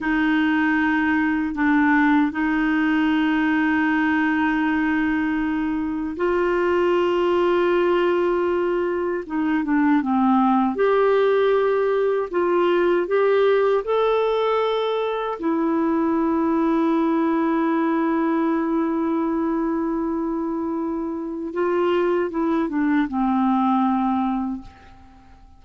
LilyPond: \new Staff \with { instrumentName = "clarinet" } { \time 4/4 \tempo 4 = 78 dis'2 d'4 dis'4~ | dis'1 | f'1 | dis'8 d'8 c'4 g'2 |
f'4 g'4 a'2 | e'1~ | e'1 | f'4 e'8 d'8 c'2 | }